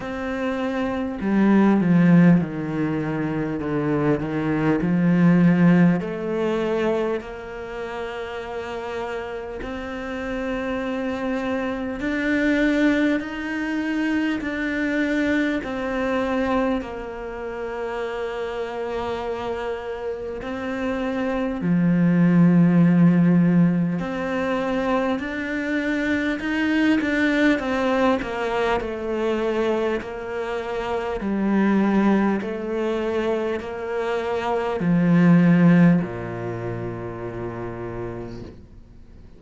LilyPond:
\new Staff \with { instrumentName = "cello" } { \time 4/4 \tempo 4 = 50 c'4 g8 f8 dis4 d8 dis8 | f4 a4 ais2 | c'2 d'4 dis'4 | d'4 c'4 ais2~ |
ais4 c'4 f2 | c'4 d'4 dis'8 d'8 c'8 ais8 | a4 ais4 g4 a4 | ais4 f4 ais,2 | }